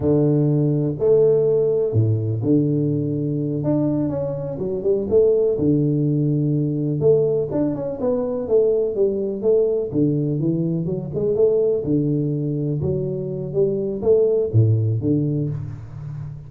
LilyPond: \new Staff \with { instrumentName = "tuba" } { \time 4/4 \tempo 4 = 124 d2 a2 | a,4 d2~ d8 d'8~ | d'8 cis'4 fis8 g8 a4 d8~ | d2~ d8 a4 d'8 |
cis'8 b4 a4 g4 a8~ | a8 d4 e4 fis8 gis8 a8~ | a8 d2 fis4. | g4 a4 a,4 d4 | }